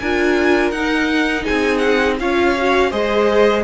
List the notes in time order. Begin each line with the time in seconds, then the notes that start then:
0.00 D4 F4 A#4 G#5
0.71 D#4 F#5
1.44 C4 G#4 G#5
1.78 F#5
2.20 C#4 F4 C#5 F5
2.58 F#4
2.91 G#3 G#4 C5 D#5